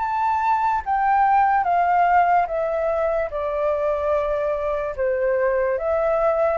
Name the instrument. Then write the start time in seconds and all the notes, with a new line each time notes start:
flute
0.00 A5
0.86 G5
1.64 F5
2.48 E5
3.31 D5
4.97 C5
5.79 E5